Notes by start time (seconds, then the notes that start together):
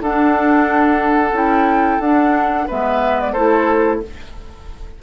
0.00 D4 A4 F#5
1.32 C#4 E4 G5
1.99 D4 F#5
2.67 G#3 B3 B4 E5
3.20 D5
3.32 A3 E4 A4 C5